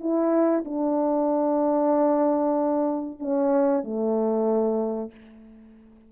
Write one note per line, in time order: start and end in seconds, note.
0.00 0.64 E4
0.64 3.19 D4
3.19 3.83 C#4
3.83 5.11 A3